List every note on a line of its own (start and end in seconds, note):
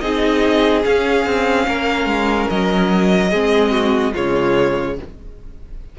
0.00 0.84 C4
0.00 0.83 D#4
0.00 1.66 G#4
0.00 0.82 D#5
0.83 3.29 C#4
0.83 1.26 C#4
0.83 2.49 F5
1.26 1.67 C4
1.67 2.05 A#3
1.67 3.30 A#4
2.05 2.46 G#3
2.49 3.32 F#3
2.49 4.14 D#5
3.30 4.14 G#3
3.30 4.14 C4
3.30 3.71 G#4
3.71 4.12 F#4
4.13 4.99 C#3
4.13 4.96 G#3
4.13 4.95 F4
4.13 4.97 C#5